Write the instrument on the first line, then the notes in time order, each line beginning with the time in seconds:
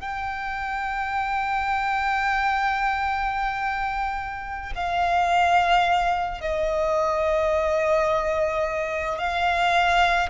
violin
0.00 G5
4.75 F5
6.40 D#5
9.18 F5